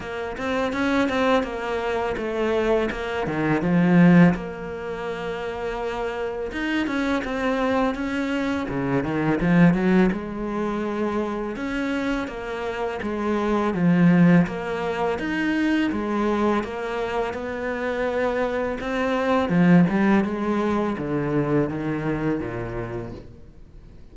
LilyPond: \new Staff \with { instrumentName = "cello" } { \time 4/4 \tempo 4 = 83 ais8 c'8 cis'8 c'8 ais4 a4 | ais8 dis8 f4 ais2~ | ais4 dis'8 cis'8 c'4 cis'4 | cis8 dis8 f8 fis8 gis2 |
cis'4 ais4 gis4 f4 | ais4 dis'4 gis4 ais4 | b2 c'4 f8 g8 | gis4 d4 dis4 ais,4 | }